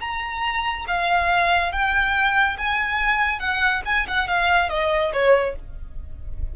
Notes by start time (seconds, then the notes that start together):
0.00 A#5
0.87 F5
1.72 G5
2.57 G#5
3.39 F#5
3.85 G#5
4.07 F#5
4.28 F5
4.69 D#5
5.13 C#5